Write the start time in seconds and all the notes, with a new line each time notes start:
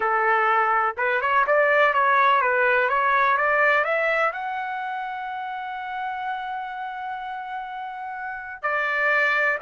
0.00 A4
0.97 B4
1.21 C#5
1.46 D5
1.93 C#5
2.41 B4
2.89 C#5
3.37 D5
3.84 E5
4.32 F#5
8.62 D5